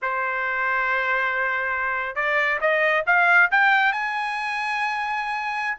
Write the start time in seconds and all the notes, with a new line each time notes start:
0.02 C5
2.15 D5
2.60 D#5
3.06 F5
3.51 G5
3.92 G#5